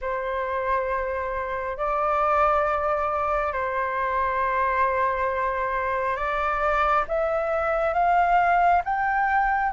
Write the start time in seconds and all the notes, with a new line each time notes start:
0.01 C5
1.76 D5
3.53 C5
6.16 D5
7.08 E5
7.93 F5
8.84 G5